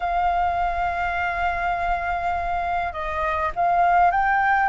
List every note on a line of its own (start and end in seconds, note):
0.00 2.93 F5
2.93 3.51 D#5
3.55 4.11 F5
4.11 4.69 G5